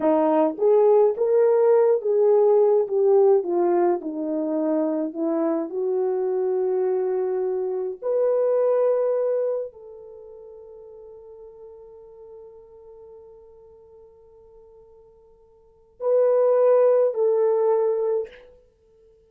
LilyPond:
\new Staff \with { instrumentName = "horn" } { \time 4/4 \tempo 4 = 105 dis'4 gis'4 ais'4. gis'8~ | gis'4 g'4 f'4 dis'4~ | dis'4 e'4 fis'2~ | fis'2 b'2~ |
b'4 a'2.~ | a'1~ | a'1 | b'2 a'2 | }